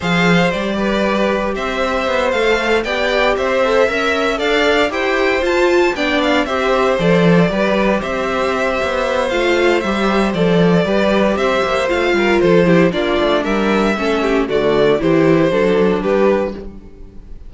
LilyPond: <<
  \new Staff \with { instrumentName = "violin" } { \time 4/4 \tempo 4 = 116 f''4 d''2 e''4~ | e''8 f''4 g''4 e''4.~ | e''8 f''4 g''4 a''4 g''8 | f''8 e''4 d''2 e''8~ |
e''2 f''4 e''4 | d''2 e''4 f''4 | c''4 d''4 e''2 | d''4 c''2 b'4 | }
  \new Staff \with { instrumentName = "violin" } { \time 4/4 c''4. b'4. c''4~ | c''4. d''4 c''4 e''8~ | e''8 d''4 c''2 d''8~ | d''8 c''2 b'4 c''8~ |
c''1~ | c''4 b'4 c''4. ais'8 | a'8 g'8 f'4 ais'4 a'8 g'8 | fis'4 g'4 a'4 g'4 | }
  \new Staff \with { instrumentName = "viola" } { \time 4/4 gis'4 g'2.~ | g'8 a'4 g'4. a'8 ais'8~ | ais'8 a'4 g'4 f'4 d'8~ | d'8 g'4 a'4 g'4.~ |
g'2 f'4 g'4 | a'4 g'2 f'4~ | f'8 e'8 d'2 cis'4 | a4 e'4 d'2 | }
  \new Staff \with { instrumentName = "cello" } { \time 4/4 f4 g2 c'4 | b8 a4 b4 c'4 cis'8~ | cis'8 d'4 e'4 f'4 b8~ | b8 c'4 f4 g4 c'8~ |
c'4 b4 a4 g4 | f4 g4 c'8 ais8 a8 g8 | f4 ais8 a8 g4 a4 | d4 e4 fis4 g4 | }
>>